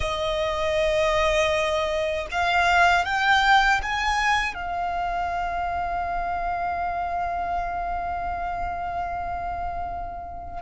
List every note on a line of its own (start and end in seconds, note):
0.00 2.26 D#5
2.31 3.04 F5
3.04 3.80 G5
3.82 4.54 G#5
4.54 10.62 F5